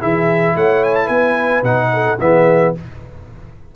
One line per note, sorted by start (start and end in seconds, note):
0.00 0.56 E3
0.00 1.64 E4
0.00 0.55 G#4
0.00 0.57 E5
0.56 1.09 A3
0.56 1.05 C#5
0.56 0.84 F#5
0.84 0.95 G#5
0.95 1.08 A5
1.05 1.63 B3
1.05 1.87 B4
1.05 1.63 G#5
1.63 2.17 B2
1.63 2.19 D#4
1.63 2.19 F#5
1.93 2.20 A4
2.20 2.75 E3
2.20 2.75 B3
2.20 2.76 G#4
2.20 2.75 E5